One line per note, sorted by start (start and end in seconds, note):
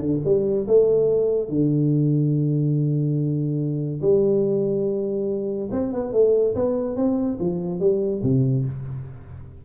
0.00 0.21 D3
0.25 0.67 G3
0.68 1.49 A3
1.49 4.01 D3
4.02 5.69 G3
5.72 5.93 C4
5.93 6.13 B3
6.13 6.55 A3
6.55 6.97 B3
6.97 7.38 C4
7.40 7.80 F3
7.80 8.22 G3
8.23 8.65 C3